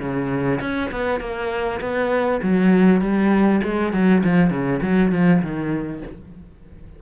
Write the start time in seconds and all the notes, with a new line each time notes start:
0.00 C#3
0.61 C#4
0.92 B3
1.20 A#3
1.81 B3
2.43 F#3
3.01 G3
3.64 G#3
3.93 F#3
4.24 F3
4.50 C#3
4.82 F#3
5.12 F3
5.43 D#3